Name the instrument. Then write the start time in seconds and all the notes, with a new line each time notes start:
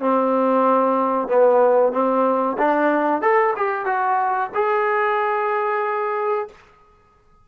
trombone
0.00 C4
1.28 B3
1.93 C4
2.58 D4
3.22 A4
3.57 G4
3.86 F#4
4.55 G#4